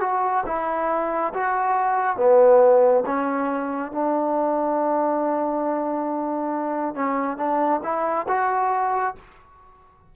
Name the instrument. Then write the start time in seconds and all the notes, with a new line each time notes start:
trombone
0.00 F#4
0.46 E4
1.34 F#4
2.17 B3
3.06 C#4
3.92 D4
6.95 C#4
7.37 D4
7.83 E4
8.28 F#4